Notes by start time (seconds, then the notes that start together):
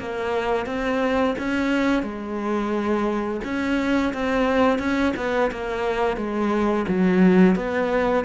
0.00 A#3
0.66 C4
1.39 C#4
2.03 G#3
3.45 C#4
4.14 C4
4.79 C#4
5.17 B3
5.51 A#3
6.17 G#3
6.88 F#3
7.56 B3